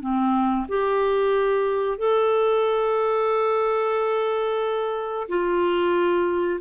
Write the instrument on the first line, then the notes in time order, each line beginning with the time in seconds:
clarinet
0.00 C4
0.68 G4
1.98 A4
5.28 F4